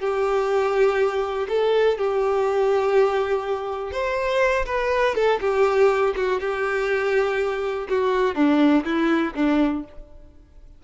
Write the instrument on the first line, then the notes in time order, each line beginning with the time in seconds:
violin
0.00 G4
1.49 A4
1.98 G4
3.92 C5
4.66 B4
5.15 A4
5.41 G4
6.17 F#4
6.40 G4
7.89 F#4
8.35 D4
8.85 E4
9.35 D4